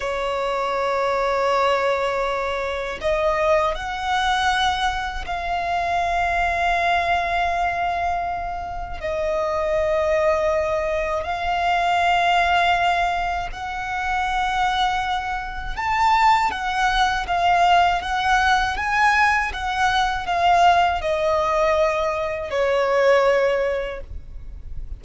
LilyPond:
\new Staff \with { instrumentName = "violin" } { \time 4/4 \tempo 4 = 80 cis''1 | dis''4 fis''2 f''4~ | f''1 | dis''2. f''4~ |
f''2 fis''2~ | fis''4 a''4 fis''4 f''4 | fis''4 gis''4 fis''4 f''4 | dis''2 cis''2 | }